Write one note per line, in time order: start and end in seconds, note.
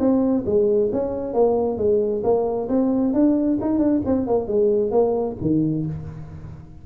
0.00 0.45 C4
0.46 0.91 G#3
0.93 1.34 C#4
1.34 1.78 A#3
1.78 2.23 G#3
2.24 2.68 A#3
2.69 3.14 C4
3.14 3.59 D4
3.61 3.79 D#4
3.79 4.02 D4
4.06 4.27 C4
4.27 4.48 A#3
4.48 4.92 G#3
4.92 5.36 A#3
5.42 5.86 D#3